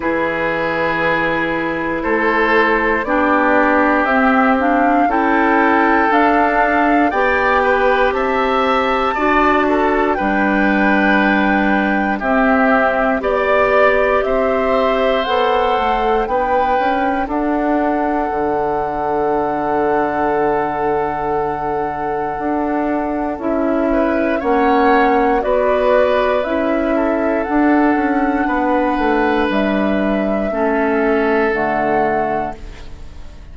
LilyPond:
<<
  \new Staff \with { instrumentName = "flute" } { \time 4/4 \tempo 4 = 59 b'2 c''4 d''4 | e''8 f''8 g''4 f''4 g''4 | a''2 g''2 | e''4 d''4 e''4 fis''4 |
g''4 fis''2.~ | fis''2. e''4 | fis''4 d''4 e''4 fis''4~ | fis''4 e''2 fis''4 | }
  \new Staff \with { instrumentName = "oboe" } { \time 4/4 gis'2 a'4 g'4~ | g'4 a'2 d''8 b'8 | e''4 d''8 a'8 b'2 | g'4 d''4 c''2 |
b'4 a'2.~ | a'2.~ a'8 b'8 | cis''4 b'4. a'4. | b'2 a'2 | }
  \new Staff \with { instrumentName = "clarinet" } { \time 4/4 e'2. d'4 | c'8 d'8 e'4 d'4 g'4~ | g'4 fis'4 d'2 | c'4 g'2 a'4 |
d'1~ | d'2. e'4 | cis'4 fis'4 e'4 d'4~ | d'2 cis'4 a4 | }
  \new Staff \with { instrumentName = "bassoon" } { \time 4/4 e2 a4 b4 | c'4 cis'4 d'4 b4 | c'4 d'4 g2 | c'4 b4 c'4 b8 a8 |
b8 cis'8 d'4 d2~ | d2 d'4 cis'4 | ais4 b4 cis'4 d'8 cis'8 | b8 a8 g4 a4 d4 | }
>>